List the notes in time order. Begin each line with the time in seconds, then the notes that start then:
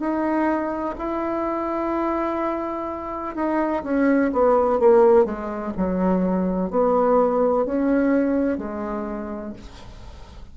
0.00 D#4
0.98 E4
3.35 D#4
3.84 C#4
4.32 B3
4.79 A#3
5.25 G#3
5.77 F#3
6.70 B3
7.65 C#4
8.58 G#3